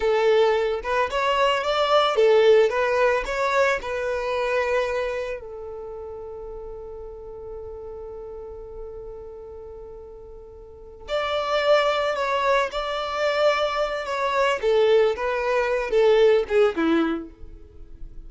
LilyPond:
\new Staff \with { instrumentName = "violin" } { \time 4/4 \tempo 4 = 111 a'4. b'8 cis''4 d''4 | a'4 b'4 cis''4 b'4~ | b'2 a'2~ | a'1~ |
a'1~ | a'8 d''2 cis''4 d''8~ | d''2 cis''4 a'4 | b'4. a'4 gis'8 e'4 | }